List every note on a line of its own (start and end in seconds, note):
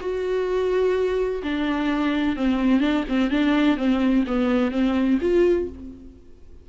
0.00 1.42 F#4
1.43 2.36 D4
2.36 2.80 C4
2.80 3.04 D4
3.08 3.30 C4
3.30 3.77 D4
3.77 4.24 C4
4.27 4.71 B3
4.71 5.18 C4
5.21 5.68 F4